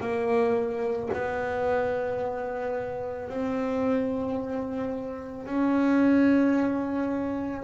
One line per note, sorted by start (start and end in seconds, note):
0.00 1.09 A#3
1.13 3.29 B3
3.29 5.46 C4
5.46 7.63 C#4